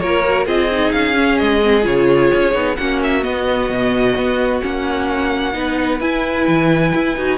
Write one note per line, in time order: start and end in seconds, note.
0.00 0.47 A#3
0.00 0.24 F4
0.00 0.47 A#4
0.00 0.46 C#5
0.25 0.48 F#4
0.47 0.93 C4
0.47 0.71 F4
0.47 2.77 G#4
0.47 0.92 D#5
0.72 1.15 D#4
0.92 1.40 C#4
0.92 1.38 F5
1.15 1.61 C#4
1.38 1.86 G#3
1.38 1.85 D#5
1.63 1.82 C4
1.82 2.32 C#3
1.82 2.52 F4
1.82 2.77 C#5
2.35 2.54 C#4
2.53 2.77 B3
2.53 2.77 D#4
2.77 3.25 A#3
2.77 3.23 C#4
2.77 5.56 F#4
2.77 3.00 F#5
3.03 3.24 E5
3.23 4.61 B3
3.23 3.70 B3
3.23 4.62 D#5
3.70 4.16 B2
4.17 4.63 B3
4.61 5.55 A#3
4.61 5.53 C#4
4.61 6.01 F#5
5.54 6.01 B3
5.54 6.00 D#4
5.54 7.38 B4
6.01 7.16 E4
6.01 6.47 E4
6.01 7.38 G#5
6.47 6.93 E3
6.95 7.18 E4
7.17 7.38 D#4
7.17 7.38 F#4